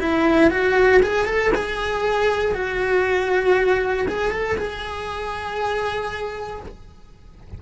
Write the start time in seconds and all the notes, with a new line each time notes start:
0.00 E4
0.51 F#4
1.03 G#4
1.26 A4
1.55 G#4
2.55 F#4
4.08 G#4
4.32 A4
4.58 G#4